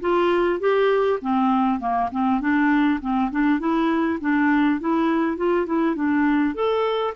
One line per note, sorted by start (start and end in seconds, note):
0.00 0.59 F4
0.59 1.19 G4
1.21 1.79 C4
1.79 2.09 A#3
2.11 2.40 C4
2.40 2.99 D4
3.00 3.30 C4
3.31 3.59 D4
3.59 4.19 E4
4.20 4.80 D4
4.80 5.37 E4
5.37 5.66 F4
5.66 5.95 E4
5.95 6.54 D4
6.54 7.13 A4